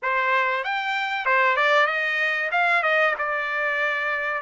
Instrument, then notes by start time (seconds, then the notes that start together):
trumpet
0.02 C5
0.63 G5
1.25 C5
1.56 D5
1.87 D#5
2.51 F5
2.82 D#5
3.18 D5